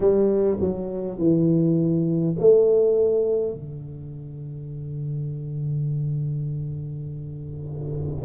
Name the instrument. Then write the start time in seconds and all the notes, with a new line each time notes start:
tuba
0.00 G3
0.59 F#3
1.18 E3
2.39 A3
3.53 D3